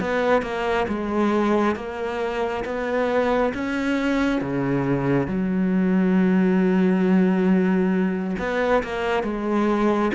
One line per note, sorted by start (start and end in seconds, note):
0.00 0.42 B3
0.42 0.86 A#3
0.88 1.76 G#3
1.76 2.64 A#3
2.65 3.53 B3
3.54 4.41 C#4
4.41 5.27 C#3
5.27 8.36 F#3
8.39 8.83 B3
8.83 9.23 A#3
9.23 10.11 G#3